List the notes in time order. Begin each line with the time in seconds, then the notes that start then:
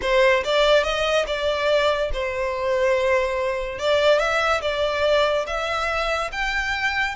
0.01 C5
0.44 D5
0.83 D#5
1.26 D5
2.13 C5
3.79 D5
4.19 E5
4.61 D5
5.46 E5
6.31 G5